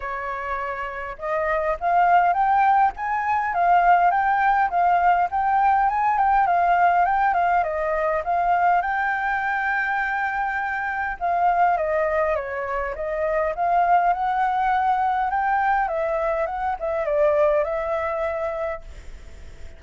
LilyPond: \new Staff \with { instrumentName = "flute" } { \time 4/4 \tempo 4 = 102 cis''2 dis''4 f''4 | g''4 gis''4 f''4 g''4 | f''4 g''4 gis''8 g''8 f''4 | g''8 f''8 dis''4 f''4 g''4~ |
g''2. f''4 | dis''4 cis''4 dis''4 f''4 | fis''2 g''4 e''4 | fis''8 e''8 d''4 e''2 | }